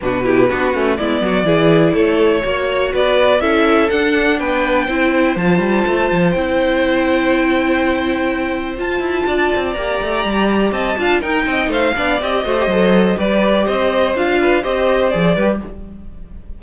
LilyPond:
<<
  \new Staff \with { instrumentName = "violin" } { \time 4/4 \tempo 4 = 123 b'2 d''2 | cis''2 d''4 e''4 | fis''4 g''2 a''4~ | a''4 g''2.~ |
g''2 a''2 | ais''2 a''4 g''4 | f''4 dis''2 d''4 | dis''4 f''4 dis''4 d''4 | }
  \new Staff \with { instrumentName = "violin" } { \time 4/4 fis'8 g'8 fis'4 e'8 fis'8 gis'4 | a'4 cis''4 b'4 a'4~ | a'4 b'4 c''2~ | c''1~ |
c''2. d''4~ | d''2 dis''8 f''8 ais'8 dis''8 | c''8 d''4 c''4. b'4 | c''4. b'8 c''4. b'8 | }
  \new Staff \with { instrumentName = "viola" } { \time 4/4 d'8 e'8 d'8 cis'8 b4 e'4~ | e'4 fis'2 e'4 | d'2 e'4 f'4~ | f'4 e'2.~ |
e'2 f'2 | g'2~ g'8 f'8 dis'4~ | dis'8 d'8 g'8 fis'16 g'16 a'4 g'4~ | g'4 f'4 g'4 gis'8 g'8 | }
  \new Staff \with { instrumentName = "cello" } { \time 4/4 b,4 b8 a8 gis8 fis8 e4 | a4 ais4 b4 cis'4 | d'4 b4 c'4 f8 g8 | a8 f8 c'2.~ |
c'2 f'8 e'8 d'8 c'8 | ais8 a8 g4 c'8 d'8 dis'8 c'8 | a8 b8 c'8 a8 fis4 g4 | c'4 d'4 c'4 f8 g8 | }
>>